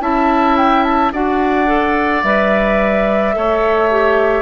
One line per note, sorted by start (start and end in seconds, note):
0.00 1.11 C#4
0.00 1.12 E4
0.00 1.12 E5
0.00 0.56 A5
0.57 0.83 G5
0.83 1.11 A5
1.12 2.23 D4
1.12 1.66 F#4
1.12 3.35 D5
1.12 2.23 F#5
1.66 2.22 A4
2.23 3.34 G3
2.23 3.33 B4
2.23 4.42 E5
3.33 4.42 A3
3.33 3.89 A4
3.33 4.42 C#5
3.91 4.42 G4